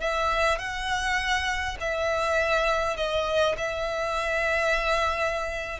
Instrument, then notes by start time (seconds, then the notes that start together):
violin
0.00 E5
0.59 F#5
1.80 E5
2.96 D#5
3.58 E5